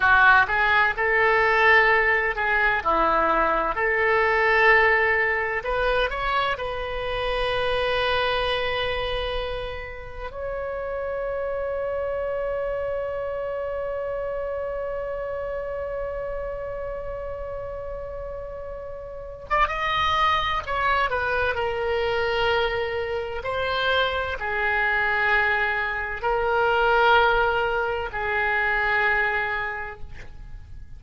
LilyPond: \new Staff \with { instrumentName = "oboe" } { \time 4/4 \tempo 4 = 64 fis'8 gis'8 a'4. gis'8 e'4 | a'2 b'8 cis''8 b'4~ | b'2. cis''4~ | cis''1~ |
cis''1~ | cis''8. d''16 dis''4 cis''8 b'8 ais'4~ | ais'4 c''4 gis'2 | ais'2 gis'2 | }